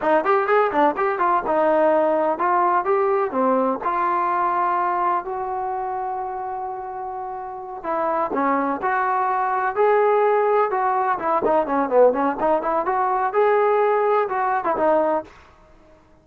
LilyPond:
\new Staff \with { instrumentName = "trombone" } { \time 4/4 \tempo 4 = 126 dis'8 g'8 gis'8 d'8 g'8 f'8 dis'4~ | dis'4 f'4 g'4 c'4 | f'2. fis'4~ | fis'1~ |
fis'8 e'4 cis'4 fis'4.~ | fis'8 gis'2 fis'4 e'8 | dis'8 cis'8 b8 cis'8 dis'8 e'8 fis'4 | gis'2 fis'8. e'16 dis'4 | }